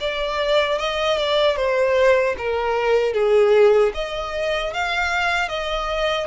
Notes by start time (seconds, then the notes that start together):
0.00 D5
0.78 D#5
1.17 D5
1.56 C5
2.38 A#4
3.13 G#4
3.94 D#5
4.73 F5
5.49 D#5